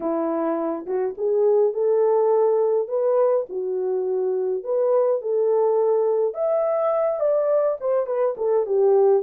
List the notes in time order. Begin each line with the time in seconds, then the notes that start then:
0.00 E4
0.86 F#4
1.17 G#4
1.73 A4
2.88 B4
3.49 F#4
4.63 B4
5.21 A4
6.34 E5
7.20 D5
7.80 C5
8.06 B4
8.37 A4
8.65 G4